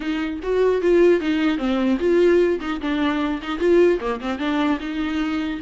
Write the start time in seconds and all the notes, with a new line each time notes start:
0.00 D#4
0.42 F#4
0.81 F4
1.20 D#4
1.58 C4
1.99 F4
2.60 D#4
2.80 D4
3.42 D#4
3.59 F4
4.00 A#3
4.20 C4
4.39 D4
4.79 D#4